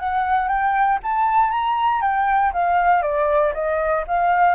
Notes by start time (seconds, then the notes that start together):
0.00 F#5
0.49 G5
1.04 A5
1.51 A#5
2.02 G5
2.54 F5
3.03 D5
3.54 D#5
4.08 F5